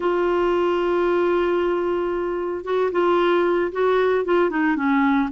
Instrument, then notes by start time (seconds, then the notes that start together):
clarinet
0.00 F4
2.64 F#4
2.91 F4
3.72 F#4
4.24 F4
4.50 D#4
4.76 C#4